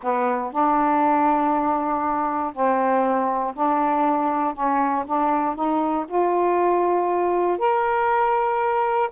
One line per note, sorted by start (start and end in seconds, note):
0.02 0.52 B3
0.52 2.53 D4
2.53 3.54 C4
3.54 4.54 D4
4.54 5.04 C#4
5.06 5.55 D4
5.55 6.05 D#4
6.08 7.58 F4
7.58 9.09 A#4